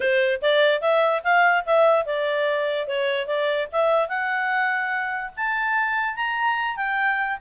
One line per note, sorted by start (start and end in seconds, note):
0.00 0.41 C5
0.41 0.81 D5
0.81 1.22 E5
1.23 1.64 F5
1.65 2.05 E5
2.05 2.87 D5
2.87 3.26 C#5
3.26 3.67 D5
3.72 4.08 E5
4.08 5.31 F#5
5.36 6.16 A5
6.16 6.76 A#5
6.76 7.38 G5